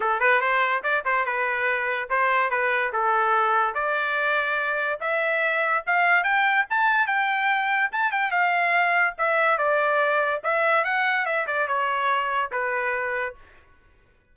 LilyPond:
\new Staff \with { instrumentName = "trumpet" } { \time 4/4 \tempo 4 = 144 a'8 b'8 c''4 d''8 c''8 b'4~ | b'4 c''4 b'4 a'4~ | a'4 d''2. | e''2 f''4 g''4 |
a''4 g''2 a''8 g''8 | f''2 e''4 d''4~ | d''4 e''4 fis''4 e''8 d''8 | cis''2 b'2 | }